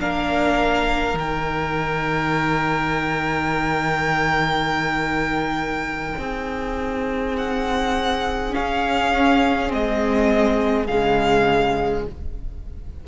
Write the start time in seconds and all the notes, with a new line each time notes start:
0.00 A#3 D4 A#4 F5
1.14 D#3 D#4 G5
6.19 C4 G#4
7.38 F#5
8.51 C#4 F5
9.69 G#3 C4 D#5
10.87 C#3 G#3 F5